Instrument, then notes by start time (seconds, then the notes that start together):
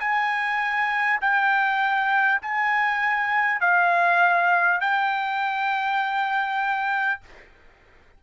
trumpet
0.00 G#5
1.21 G5
2.42 G#5
3.61 F5
4.81 G5